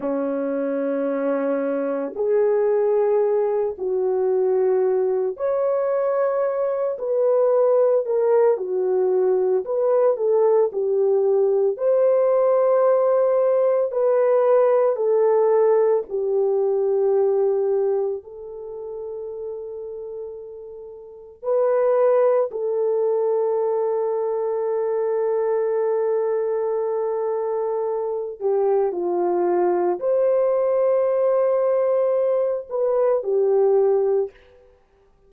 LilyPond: \new Staff \with { instrumentName = "horn" } { \time 4/4 \tempo 4 = 56 cis'2 gis'4. fis'8~ | fis'4 cis''4. b'4 ais'8 | fis'4 b'8 a'8 g'4 c''4~ | c''4 b'4 a'4 g'4~ |
g'4 a'2. | b'4 a'2.~ | a'2~ a'8 g'8 f'4 | c''2~ c''8 b'8 g'4 | }